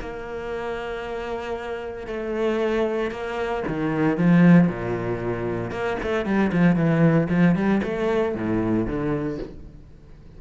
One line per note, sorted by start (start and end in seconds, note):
0.00 2.07 A#3
2.07 3.11 A3
3.11 3.63 A#3
3.67 4.17 D#3
4.17 4.67 F3
4.67 5.71 A#2
5.71 5.97 A#3
6.02 6.25 A3
6.25 6.51 G3
6.52 6.75 F3
6.75 7.28 E3
7.29 7.55 F3
7.55 7.81 G3
7.83 8.35 A3
8.35 8.86 A2
8.86 9.38 D3